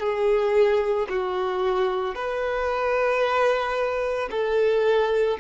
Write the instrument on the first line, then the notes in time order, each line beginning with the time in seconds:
violin
0.00 G#4
1.10 F#4
2.15 B4
4.31 A4